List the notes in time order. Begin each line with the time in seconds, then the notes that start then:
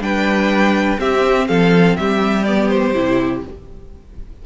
0.00 G3 D4 B4 G5
0.98 C4 G4 E5
1.48 F3 A4 F5
1.96 G3 G4 E5
2.44 B3 D5
2.68 C5
2.94 C3 E4